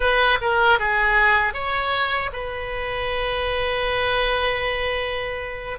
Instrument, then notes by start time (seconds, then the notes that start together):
oboe
0.00 B4
0.41 A#4
0.79 G#4
1.53 C#5
2.33 B4